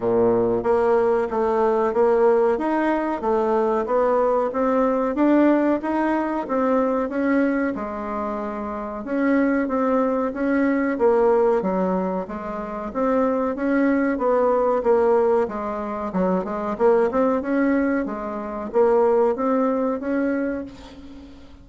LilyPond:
\new Staff \with { instrumentName = "bassoon" } { \time 4/4 \tempo 4 = 93 ais,4 ais4 a4 ais4 | dis'4 a4 b4 c'4 | d'4 dis'4 c'4 cis'4 | gis2 cis'4 c'4 |
cis'4 ais4 fis4 gis4 | c'4 cis'4 b4 ais4 | gis4 fis8 gis8 ais8 c'8 cis'4 | gis4 ais4 c'4 cis'4 | }